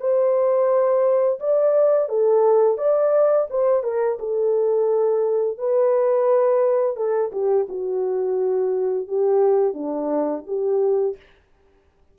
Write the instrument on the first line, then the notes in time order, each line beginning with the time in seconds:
horn
0.00 C5
1.40 D5
2.09 A4
2.78 D5
3.50 C5
3.83 A#4
4.20 A4
5.58 B4
6.97 A4
7.32 G4
7.69 F#4
9.08 G4
9.74 D4
10.47 G4